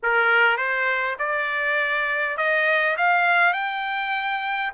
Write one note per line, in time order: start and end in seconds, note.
0.03 0.57 A#4
0.57 1.16 C5
1.18 2.37 D5
2.37 2.96 D#5
2.97 3.53 F5
3.53 4.72 G5